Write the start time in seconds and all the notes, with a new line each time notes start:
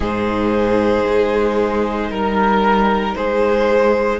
0.00 G#2 D#4 G#4 C5
1.06 G#3
2.10 G3 A#4
3.15 G#3 G#4 C5